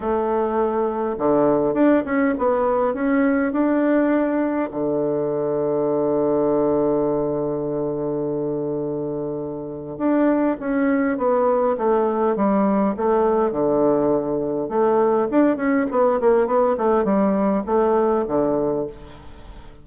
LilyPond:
\new Staff \with { instrumentName = "bassoon" } { \time 4/4 \tempo 4 = 102 a2 d4 d'8 cis'8 | b4 cis'4 d'2 | d1~ | d1~ |
d4 d'4 cis'4 b4 | a4 g4 a4 d4~ | d4 a4 d'8 cis'8 b8 ais8 | b8 a8 g4 a4 d4 | }